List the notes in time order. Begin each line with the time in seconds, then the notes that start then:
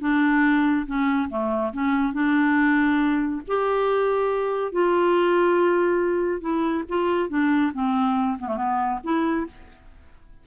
0.00 D4
0.86 C#4
1.29 A3
1.72 C#4
2.13 D4
3.47 G4
4.72 F4
6.41 E4
6.88 F4
7.29 D4
7.73 C4
8.39 B3
8.47 A3
8.56 B3
9.03 E4